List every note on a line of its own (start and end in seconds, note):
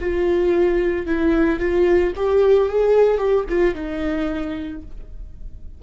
0.00 1.07 F4
1.07 1.60 E4
1.60 2.14 F4
2.16 2.69 G4
2.69 3.18 G#4
3.18 3.45 G4
3.50 3.75 F4
3.75 4.82 D#4